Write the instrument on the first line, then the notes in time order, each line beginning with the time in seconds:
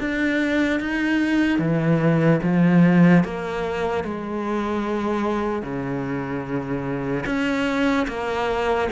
cello
0.00 D4
0.80 D#4
1.58 E3
2.43 F3
3.24 A#3
4.04 G#3
5.62 C#3
7.26 C#4
8.07 A#3